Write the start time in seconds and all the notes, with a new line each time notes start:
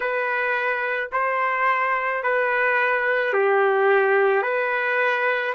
0.00 B4
1.12 C5
2.23 B4
3.33 G4
4.42 B4